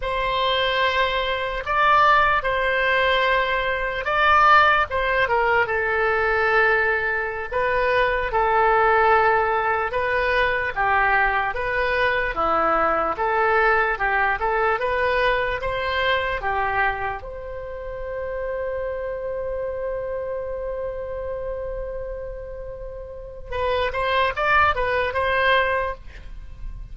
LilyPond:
\new Staff \with { instrumentName = "oboe" } { \time 4/4 \tempo 4 = 74 c''2 d''4 c''4~ | c''4 d''4 c''8 ais'8 a'4~ | a'4~ a'16 b'4 a'4.~ a'16~ | a'16 b'4 g'4 b'4 e'8.~ |
e'16 a'4 g'8 a'8 b'4 c''8.~ | c''16 g'4 c''2~ c''8.~ | c''1~ | c''4 b'8 c''8 d''8 b'8 c''4 | }